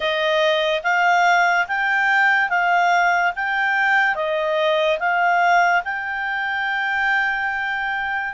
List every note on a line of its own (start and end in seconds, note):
0.00 0.82 D#5
0.83 1.66 F5
1.67 2.49 G5
2.49 3.32 F5
3.35 4.15 G5
4.15 4.98 D#5
4.98 5.82 F5
5.84 8.33 G5